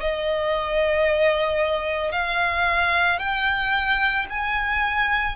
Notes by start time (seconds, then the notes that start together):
0.00 D#5
2.11 F5
3.19 G5
4.30 G#5